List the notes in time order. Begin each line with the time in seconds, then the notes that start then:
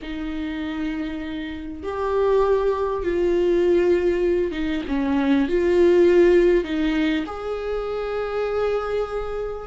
0.02 D#4
1.83 G4
3.03 F4
4.52 D#4
4.88 C#4
5.48 F4
6.64 D#4
7.26 G#4